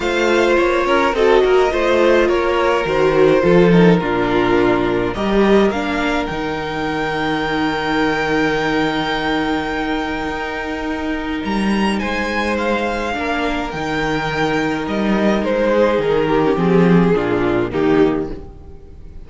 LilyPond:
<<
  \new Staff \with { instrumentName = "violin" } { \time 4/4 \tempo 4 = 105 f''4 cis''4 dis''2 | cis''4 c''4. ais'4.~ | ais'4 dis''4 f''4 g''4~ | g''1~ |
g''1 | ais''4 gis''4 f''2 | g''2 dis''4 c''4 | ais'4 gis'2 g'4 | }
  \new Staff \with { instrumentName = "violin" } { \time 4/4 c''4. ais'8 a'8 ais'8 c''4 | ais'2 a'4 f'4~ | f'4 ais'2.~ | ais'1~ |
ais'1~ | ais'4 c''2 ais'4~ | ais'2.~ ais'8 gis'8~ | gis'8 g'4. f'4 dis'4 | }
  \new Staff \with { instrumentName = "viola" } { \time 4/4 f'2 fis'4 f'4~ | f'4 fis'4 f'8 dis'8 d'4~ | d'4 g'4 d'4 dis'4~ | dis'1~ |
dis'1~ | dis'2. d'4 | dis'1~ | dis'8. cis'16 c'4 d'4 ais4 | }
  \new Staff \with { instrumentName = "cello" } { \time 4/4 a4 ais8 cis'8 c'8 ais8 a4 | ais4 dis4 f4 ais,4~ | ais,4 g4 ais4 dis4~ | dis1~ |
dis2 dis'2 | g4 gis2 ais4 | dis2 g4 gis4 | dis4 f4 ais,4 dis4 | }
>>